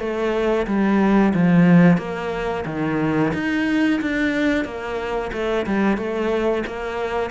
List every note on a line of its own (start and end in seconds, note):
0.00 0.67 A3
0.67 1.34 G3
1.34 1.98 F3
1.98 2.65 A#3
2.66 3.33 D#3
3.34 4.01 D#4
4.01 4.65 D4
4.65 5.32 A#3
5.33 5.66 A3
5.67 5.98 G3
5.98 6.64 A3
6.67 7.31 A#3